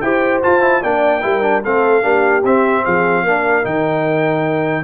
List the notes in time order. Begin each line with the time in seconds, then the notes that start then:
0.00 E4 G4 C5 G5
0.43 F4 A5
0.61 E4
0.83 A#3 D4 D5 G5
1.21 G3 E4 A#4
1.42 D4
1.64 A3 C4 A4 F5
2.02 A#3 D4 G4
2.44 C4 E5
2.83 F3 G#4 F5
3.24 A#3 D4 A#4
3.63 D#3 D#4 G5